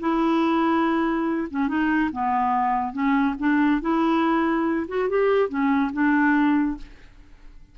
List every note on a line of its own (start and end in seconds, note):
0.00 1.48 E4
1.50 1.68 C#4
1.68 2.10 D#4
2.12 2.92 B3
2.92 3.35 C#4
3.39 3.81 D4
3.81 4.87 E4
4.88 5.09 F#4
5.09 5.49 G4
5.49 5.91 C#4
5.93 6.77 D4